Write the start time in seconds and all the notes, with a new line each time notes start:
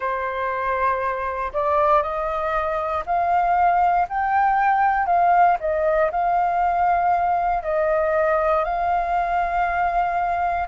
0.00 C5
1.53 D5
2.02 D#5
3.06 F5
4.09 G5
5.06 F5
5.59 D#5
6.11 F5
7.63 D#5
8.64 F5